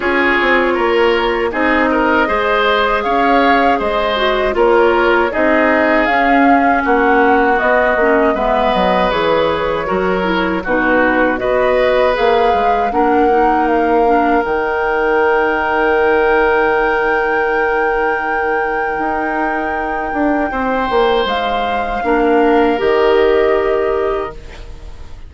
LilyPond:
<<
  \new Staff \with { instrumentName = "flute" } { \time 4/4 \tempo 4 = 79 cis''2 dis''2 | f''4 dis''4 cis''4 dis''4 | f''4 fis''4 dis''4 e''8 dis''8 | cis''2 b'4 dis''4 |
f''4 fis''4 f''4 g''4~ | g''1~ | g''1 | f''2 dis''2 | }
  \new Staff \with { instrumentName = "oboe" } { \time 4/4 gis'4 ais'4 gis'8 ais'8 c''4 | cis''4 c''4 ais'4 gis'4~ | gis'4 fis'2 b'4~ | b'4 ais'4 fis'4 b'4~ |
b'4 ais'2.~ | ais'1~ | ais'2. c''4~ | c''4 ais'2. | }
  \new Staff \with { instrumentName = "clarinet" } { \time 4/4 f'2 dis'4 gis'4~ | gis'4. fis'8 f'4 dis'4 | cis'2 b8 cis'8 b4 | gis'4 fis'8 e'8 dis'4 fis'4 |
gis'4 d'8 dis'4 d'8 dis'4~ | dis'1~ | dis'1~ | dis'4 d'4 g'2 | }
  \new Staff \with { instrumentName = "bassoon" } { \time 4/4 cis'8 c'8 ais4 c'4 gis4 | cis'4 gis4 ais4 c'4 | cis'4 ais4 b8 ais8 gis8 fis8 | e4 fis4 b,4 b4 |
ais8 gis8 ais2 dis4~ | dis1~ | dis4 dis'4. d'8 c'8 ais8 | gis4 ais4 dis2 | }
>>